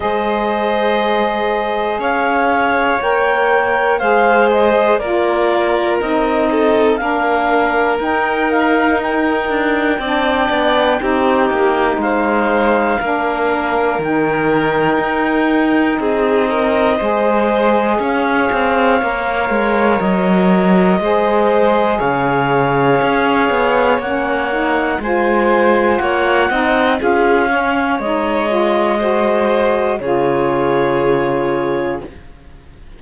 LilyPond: <<
  \new Staff \with { instrumentName = "clarinet" } { \time 4/4 \tempo 4 = 60 dis''2 f''4 g''4 | f''8 dis''8 d''4 dis''4 f''4 | g''8 f''8 g''2. | f''2 g''2 |
dis''2 f''2 | dis''2 f''2 | fis''4 gis''4 fis''4 f''4 | dis''2 cis''2 | }
  \new Staff \with { instrumentName = "violin" } { \time 4/4 c''2 cis''2 | c''4 ais'4. a'8 ais'4~ | ais'2 d''4 g'4 | c''4 ais'2. |
gis'8 ais'8 c''4 cis''2~ | cis''4 c''4 cis''2~ | cis''4 c''4 cis''8 dis''8 gis'8 cis''8~ | cis''4 c''4 gis'2 | }
  \new Staff \with { instrumentName = "saxophone" } { \time 4/4 gis'2. ais'4 | gis'4 f'4 dis'4 d'4 | dis'2 d'4 dis'4~ | dis'4 d'4 dis'2~ |
dis'4 gis'2 ais'4~ | ais'4 gis'2. | cis'8 dis'8 f'4. dis'8 f'8 cis'8 | dis'8 f'8 fis'4 f'2 | }
  \new Staff \with { instrumentName = "cello" } { \time 4/4 gis2 cis'4 ais4 | gis4 ais4 c'4 ais4 | dis'4. d'8 c'8 b8 c'8 ais8 | gis4 ais4 dis4 dis'4 |
c'4 gis4 cis'8 c'8 ais8 gis8 | fis4 gis4 cis4 cis'8 b8 | ais4 gis4 ais8 c'8 cis'4 | gis2 cis2 | }
>>